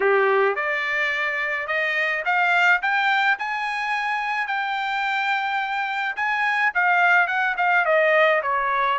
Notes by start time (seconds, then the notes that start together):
0.00 G4
0.55 D5
1.67 D#5
2.25 F5
2.82 G5
3.38 G#5
4.47 G5
6.16 G#5
6.74 F5
7.27 F#5
7.57 F5
7.85 D#5
8.42 C#5